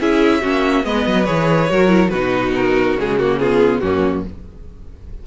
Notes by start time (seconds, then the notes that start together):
0.00 C#4 E4 G#4 E5
0.41 A#3 C#4 F#4
0.83 G#3 B3 B4 D#5
1.06 F#3
1.25 E3 G#4 C#5
1.68 F#3 F#4 A#4
1.89 E4
2.09 B2 D#4 F#4 B4
2.56 A#4
2.95 C#3 G#3 G#4
3.19 A#3 F#4
3.39 B3 F4 G#4
3.80 F#2 A#3 C#4 F#4